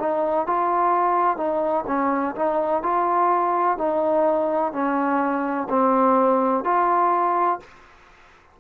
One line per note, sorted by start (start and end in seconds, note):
0.00 0.47 D#4
0.47 1.37 F4
1.37 1.85 D#4
1.87 2.35 C#4
2.35 2.83 D#4
2.83 3.78 F4
3.78 4.73 D#4
4.73 5.68 C#4
5.70 6.65 C4
6.65 7.60 F4